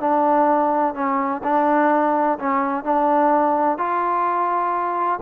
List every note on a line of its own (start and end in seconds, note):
0.00 0.94 D4
0.95 1.42 C#4
1.44 2.39 D4
2.39 2.84 C#4
2.84 3.78 D4
3.78 5.20 F4